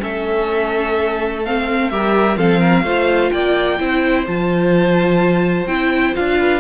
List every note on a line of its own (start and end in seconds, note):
0.00 1.91 A3
0.00 1.42 C#4
0.00 1.92 A4
0.00 1.45 E5
1.45 1.92 C4
1.45 1.91 F5
1.91 2.37 G3
1.91 2.37 G4
1.91 2.38 A#4
1.91 2.38 E5
2.37 2.83 F3
2.37 2.84 C4
2.37 2.60 A4
2.37 3.31 F5
2.60 2.84 A#4
2.83 3.30 A3
2.83 3.79 F4
2.83 3.32 C5
3.31 3.80 A#3
3.31 3.80 D5
3.31 4.26 G5
3.79 4.27 C4
3.79 4.26 E4
3.79 6.39 C5
4.28 5.67 F3
4.28 5.69 F4
4.28 5.67 A5
5.67 6.14 C4
5.67 6.14 E4
5.67 6.15 G5
6.14 6.60 D4
6.14 6.60 F4
6.14 6.60 F5
6.39 6.60 B4